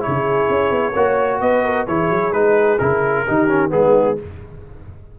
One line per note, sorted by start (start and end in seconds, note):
0.00 0.92 E4
0.00 0.93 G#4
0.00 1.40 C#5
0.07 0.49 C#3
0.49 0.70 C#4
0.70 0.94 B3
0.93 1.41 A#3
0.93 1.87 F#4
0.93 1.39 C#5
1.40 1.87 B3
1.40 1.64 B4
1.40 1.87 D#5
1.64 1.87 A#4
1.87 2.10 E3
1.87 2.32 E4
1.87 3.26 G#4
1.87 2.33 C#5
2.10 2.32 F#3
2.32 2.79 G#3
2.32 2.79 D#4
2.32 2.79 B4
2.79 3.27 C#3
2.79 3.27 E4
2.79 3.71 A#4
3.27 3.73 D#3
3.27 3.48 D#4
3.27 3.72 G4
3.48 3.69 C#4
3.69 4.19 G#3
3.69 4.15 B3
3.69 4.19 D#4
3.69 4.18 G#4